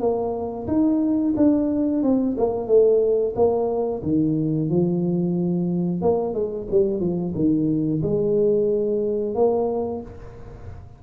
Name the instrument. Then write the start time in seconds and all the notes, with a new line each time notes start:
tuba
0.00 A#3
0.67 D#4
1.36 D4
2.03 C4
2.37 A#3
2.67 A3
3.35 A#3
4.03 D#3
4.70 F3
6.02 A#3
6.34 G#3
6.71 G3
7.00 F3
7.35 D#3
8.02 G#3
9.35 A#3